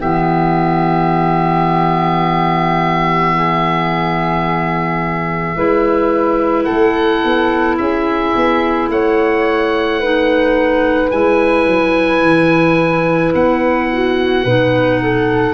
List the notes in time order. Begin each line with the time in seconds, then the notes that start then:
0.00 E3 B3 G4 E5
3.35 G#4
5.56 G#3 E4 B4
6.64 A3 A4 F#5
7.23 B3
7.78 C#4 G#4 E5
8.35 B3
8.88 A3 C#5 F#5
10.00 D#4 B4
11.10 G#3 E4 G#5
11.66 F#3
12.22 E3
13.34 B3 F#5
13.91 F#4
14.44 B2 D#4 B4
15.02 A4